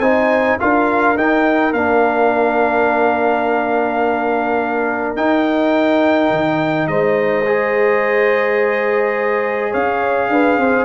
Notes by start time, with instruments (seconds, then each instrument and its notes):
0.00 tuba C4, trombone D#4, horn C5, trumpet G#5
0.60 tuba D4, trombone F4, horn A#4, trumpet F5
1.17 trombone D#4, tuba D#4, trumpet G5
1.73 tuba A#3, trombone D4, trumpet F5
5.16 tuba D#4, trombone D#4, trumpet G5
6.31 tuba D#3
6.88 tuba G#3, horn C5, trumpet D#5
7.47 trombone G#4
9.72 tuba C#4, horn C#5, trumpet F5
10.30 tuba D4, horn B4
10.58 tuba C4, horn C5